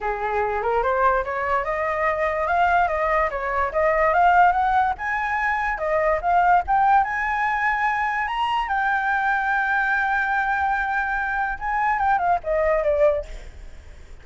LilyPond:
\new Staff \with { instrumentName = "flute" } { \time 4/4 \tempo 4 = 145 gis'4. ais'8 c''4 cis''4 | dis''2 f''4 dis''4 | cis''4 dis''4 f''4 fis''4 | gis''2 dis''4 f''4 |
g''4 gis''2. | ais''4 g''2.~ | g''1 | gis''4 g''8 f''8 dis''4 d''4 | }